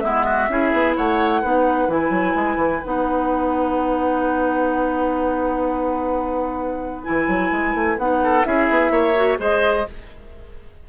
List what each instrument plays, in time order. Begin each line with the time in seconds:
0.00 bassoon G#3, clarinet B3, oboe E4, flute E5
0.25 oboe F#4
0.49 bassoon C#4, clarinet E4, oboe G#4
0.73 bassoon B3
0.96 bassoon A3, oboe C#5, flute F#5
1.42 bassoon B3, clarinet D#4, oboe B4
1.88 bassoon E3, clarinet E4, flute G#5
2.10 bassoon F#3
2.35 bassoon G#3
2.56 bassoon E3
2.83 bassoon B3, clarinet D#4, flute F#5
7.04 bassoon E3, clarinet E4, flute G#5
7.28 bassoon F#3
7.51 bassoon G#3
7.74 bassoon A3
7.98 bassoon B3, clarinet D#4, flute F#5
8.23 oboe A4
8.44 bassoon C#4, clarinet E4, oboe G#4, flute E5
8.70 bassoon B3
8.90 bassoon A#3, oboe C#5
9.16 clarinet F#4
9.38 bassoon G#3, clarinet G#4, oboe C5, flute D#5